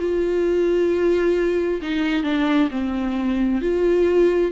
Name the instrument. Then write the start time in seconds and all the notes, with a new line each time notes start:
viola
0.00 F4
1.82 D#4
2.24 D4
2.71 C4
3.62 F4